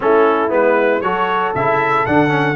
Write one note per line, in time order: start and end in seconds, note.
0.00 0.51 A3
0.00 0.48 C#4
0.00 1.03 E4
0.00 0.52 A4
0.48 1.02 G#3
0.48 1.00 B3
0.48 1.01 B4
1.01 1.53 F#3
1.01 1.55 F#4
1.01 2.56 A4
1.01 1.52 C#5
1.55 2.06 C#3
1.55 2.06 E4
1.55 2.05 E5
2.05 2.56 D3
2.05 2.28 D4
2.05 2.56 F#5
2.28 2.54 C#4